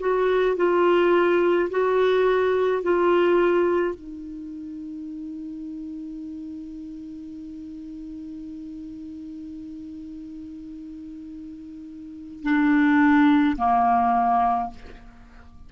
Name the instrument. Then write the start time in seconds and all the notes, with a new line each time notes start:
clarinet
0.00 F#4
0.56 F4
1.70 F#4
2.83 F4
3.95 D#4
12.43 D4
13.57 A#3